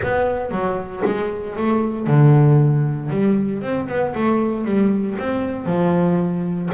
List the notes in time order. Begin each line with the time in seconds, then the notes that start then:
0.02 B3
0.51 F#3
1.05 G#3
1.56 A3
2.06 D3
3.09 G3
3.61 C4
3.88 B3
4.14 A3
4.65 G3
5.19 C4
5.66 F3